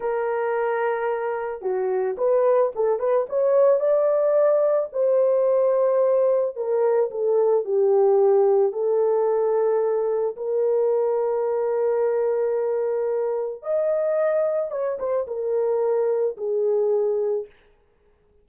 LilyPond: \new Staff \with { instrumentName = "horn" } { \time 4/4 \tempo 4 = 110 ais'2. fis'4 | b'4 a'8 b'8 cis''4 d''4~ | d''4 c''2. | ais'4 a'4 g'2 |
a'2. ais'4~ | ais'1~ | ais'4 dis''2 cis''8 c''8 | ais'2 gis'2 | }